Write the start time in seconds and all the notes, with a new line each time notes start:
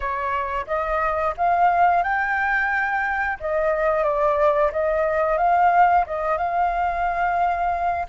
0.00 C#5
0.66 D#5
1.37 F5
2.03 G5
3.40 D#5
4.03 D5
4.72 D#5
5.37 F5
6.06 D#5
6.37 F5